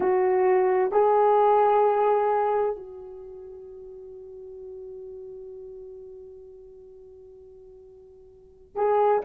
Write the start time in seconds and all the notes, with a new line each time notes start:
0.00 F#4
0.91 G#4
2.76 F#4
8.75 G#4